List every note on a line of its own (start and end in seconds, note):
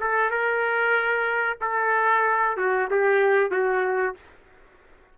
0.00 0.30 A4
0.30 1.58 A#4
1.61 2.57 A4
2.57 2.89 F#4
2.90 3.51 G4
3.51 4.15 F#4